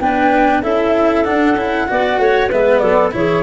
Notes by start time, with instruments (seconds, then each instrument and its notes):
0.00 tuba B3, cello D4, clarinet B4, flute G5
0.63 tuba C#4, cello E4, clarinet A4, flute E5
1.24 cello D4, tuba D4, flute F#5
1.55 tuba C#4, cello E4
1.88 tuba B3, cello F#4, clarinet D5
2.19 tuba A3, clarinet C#5
2.50 tuba G#3, cello B3, clarinet B4, flute E5
2.78 tuba F#3, clarinet A4, flute D5
3.12 tuba E3, cello E4, clarinet G#4, flute C#5